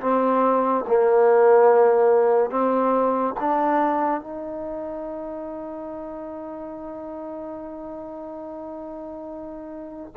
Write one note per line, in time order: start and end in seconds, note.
0.00 0.85 C4
0.87 2.50 A#3
2.50 3.34 C4
3.39 4.20 D4
4.20 10.12 D#4